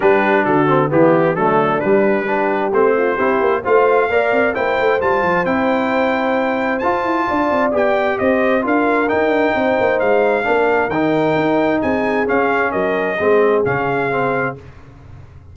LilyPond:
<<
  \new Staff \with { instrumentName = "trumpet" } { \time 4/4 \tempo 4 = 132 b'4 a'4 g'4 a'4 | b'2 c''2 | f''2 g''4 a''4 | g''2. a''4~ |
a''4 g''4 dis''4 f''4 | g''2 f''2 | g''2 gis''4 f''4 | dis''2 f''2 | }
  \new Staff \with { instrumentName = "horn" } { \time 4/4 g'4 fis'4 e'4 d'4~ | d'4 g'4. f'8 g'4 | c''4 d''4 c''2~ | c''1 |
d''2 c''4 ais'4~ | ais'4 c''2 ais'4~ | ais'2 gis'2 | ais'4 gis'2. | }
  \new Staff \with { instrumentName = "trombone" } { \time 4/4 d'4. c'8 b4 a4 | g4 d'4 c'4 e'4 | f'4 ais'4 e'4 f'4 | e'2. f'4~ |
f'4 g'2 f'4 | dis'2. d'4 | dis'2. cis'4~ | cis'4 c'4 cis'4 c'4 | }
  \new Staff \with { instrumentName = "tuba" } { \time 4/4 g4 d4 e4 fis4 | g2 a4 c'8 ais8 | a4 ais8 c'8 ais8 a8 g8 f8 | c'2. f'8 e'8 |
d'8 c'8 b4 c'4 d'4 | dis'8 d'8 c'8 ais8 gis4 ais4 | dis4 dis'4 c'4 cis'4 | fis4 gis4 cis2 | }
>>